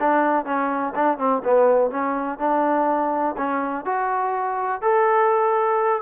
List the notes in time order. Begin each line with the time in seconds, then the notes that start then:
0.00 D4
0.46 C#4
0.95 D4
1.18 C4
1.45 B3
1.91 C#4
2.39 D4
3.37 C#4
3.86 F#4
4.82 A4